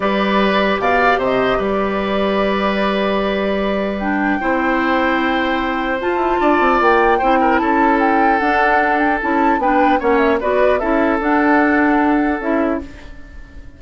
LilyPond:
<<
  \new Staff \with { instrumentName = "flute" } { \time 4/4 \tempo 4 = 150 d''2 f''4 dis''4 | d''1~ | d''2 g''2~ | g''2. a''4~ |
a''4 g''2 a''4 | g''4 fis''4. g''8 a''4 | g''4 fis''8 e''8 d''4 e''4 | fis''2. e''4 | }
  \new Staff \with { instrumentName = "oboe" } { \time 4/4 b'2 d''4 c''4 | b'1~ | b'2. c''4~ | c''1 |
d''2 c''8 ais'8 a'4~ | a'1 | b'4 cis''4 b'4 a'4~ | a'1 | }
  \new Staff \with { instrumentName = "clarinet" } { \time 4/4 g'1~ | g'1~ | g'2 d'4 e'4~ | e'2. f'4~ |
f'2 e'2~ | e'4 d'2 e'4 | d'4 cis'4 fis'4 e'4 | d'2. e'4 | }
  \new Staff \with { instrumentName = "bassoon" } { \time 4/4 g2 b,4 c4 | g1~ | g2. c'4~ | c'2. f'8 e'8 |
d'8 c'8 ais4 c'4 cis'4~ | cis'4 d'2 cis'4 | b4 ais4 b4 cis'4 | d'2. cis'4 | }
>>